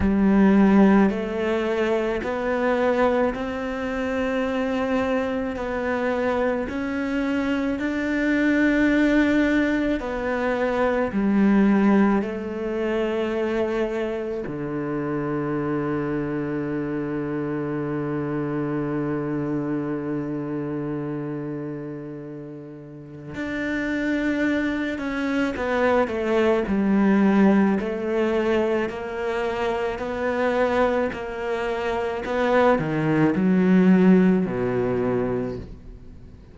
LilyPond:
\new Staff \with { instrumentName = "cello" } { \time 4/4 \tempo 4 = 54 g4 a4 b4 c'4~ | c'4 b4 cis'4 d'4~ | d'4 b4 g4 a4~ | a4 d2.~ |
d1~ | d4 d'4. cis'8 b8 a8 | g4 a4 ais4 b4 | ais4 b8 dis8 fis4 b,4 | }